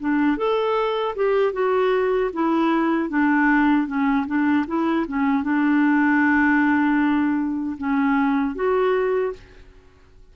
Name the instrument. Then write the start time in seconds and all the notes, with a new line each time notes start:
clarinet
0.00 D4
0.37 A4
1.15 G4
1.52 F#4
2.33 E4
3.09 D4
3.87 C#4
4.26 D4
4.67 E4
5.07 C#4
5.43 D4
7.77 C#4
8.55 F#4